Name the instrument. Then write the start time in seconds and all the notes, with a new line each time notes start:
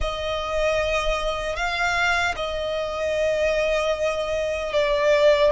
violin
0.00 D#5
1.55 F5
2.36 D#5
4.73 D5